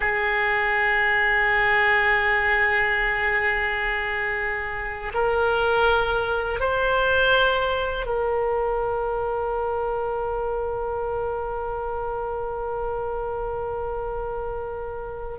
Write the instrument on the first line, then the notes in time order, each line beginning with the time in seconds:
oboe
0.00 G#4
5.14 A#4
6.60 C5
8.06 A#4